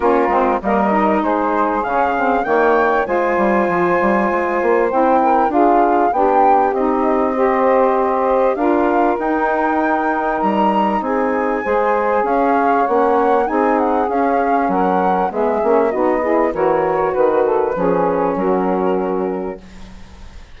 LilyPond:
<<
  \new Staff \with { instrumentName = "flute" } { \time 4/4 \tempo 4 = 98 ais'4 dis''4 c''4 f''4 | g''4 gis''2. | g''4 f''4 g''4 dis''4~ | dis''2 f''4 g''4~ |
g''4 ais''4 gis''2 | f''4 fis''4 gis''8 fis''8 f''4 | fis''4 e''4 dis''4 cis''4 | b'2 ais'2 | }
  \new Staff \with { instrumentName = "saxophone" } { \time 4/4 f'4 ais'4 gis'2 | cis''4 c''2.~ | c''8 ais'8 gis'4 g'2 | c''2 ais'2~ |
ais'2 gis'4 c''4 | cis''2 gis'2 | ais'4 gis'4 fis'8 gis'8 ais'4 | b'8 a'8 gis'4 fis'2 | }
  \new Staff \with { instrumentName = "saxophone" } { \time 4/4 cis'8 c'8 ais8 dis'4. cis'8 c'8 | ais4 f'2. | e'4 f'4 d'4 dis'4 | g'2 f'4 dis'4~ |
dis'2. gis'4~ | gis'4 cis'4 dis'4 cis'4~ | cis'4 b8 cis'8 dis'8 e'8 fis'4~ | fis'4 cis'2. | }
  \new Staff \with { instrumentName = "bassoon" } { \time 4/4 ais8 gis8 g4 gis4 cis4 | dis4 gis8 g8 f8 g8 gis8 ais8 | c'4 d'4 b4 c'4~ | c'2 d'4 dis'4~ |
dis'4 g4 c'4 gis4 | cis'4 ais4 c'4 cis'4 | fis4 gis8 ais8 b4 e4 | dis4 f4 fis2 | }
>>